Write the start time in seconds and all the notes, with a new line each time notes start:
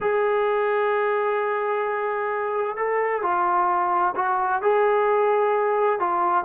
0.00 G#4
2.77 A4
3.22 F4
4.15 F#4
4.62 G#4
5.99 F4